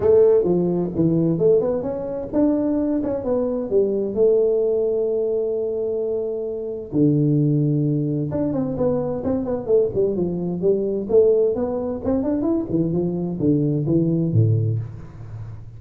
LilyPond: \new Staff \with { instrumentName = "tuba" } { \time 4/4 \tempo 4 = 130 a4 f4 e4 a8 b8 | cis'4 d'4. cis'8 b4 | g4 a2.~ | a2. d4~ |
d2 d'8 c'8 b4 | c'8 b8 a8 g8 f4 g4 | a4 b4 c'8 d'8 e'8 e8 | f4 d4 e4 a,4 | }